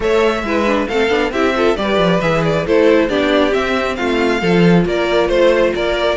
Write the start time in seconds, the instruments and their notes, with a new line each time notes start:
0.00 cello A3, viola A4, violin C#5 E5
0.42 cello G#3, viola E4, violin B4
0.66 viola D4
0.87 cello A3, viola C4, violin A4 F5
1.09 cello B3, viola D4
1.31 cello C4, viola E4, violin G4 E5
1.55 viola F4, violin A4
1.76 cello G3, viola G4, violin B4 D5
1.97 cello F3
2.21 cello E3, viola G#4, violin E5
2.44 violin D5
2.66 cello A3, viola E4, violin A4 C5
3.08 cello B3, viola D4, violin G4 D5
3.50 viola C4, cello C4, violin E5
3.95 cello A3, violin F4 F5
4.40 cello F3, viola F4, violin A4
4.85 cello A#3, violin A#4 D5
5.27 cello A3, violin C5
5.75 cello A#3, violin A#4 D5